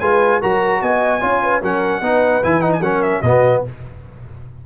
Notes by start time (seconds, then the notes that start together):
0.00 G#3 F4 B4 G#5
0.41 F#3 F#4 A#4 A#5
0.81 B3 D#5 G#5
1.21 C#4 F4 C#5
1.42 B4
1.62 F#3 C#4 A#4 F#5
2.01 B3 D#4 B4
2.43 E3 E4 G#5
2.61 D#4 F#5
2.73 G#5
2.80 F#3 C#4 A#4 F#5
3.02 E5
3.22 B2 B3 F#4 D#5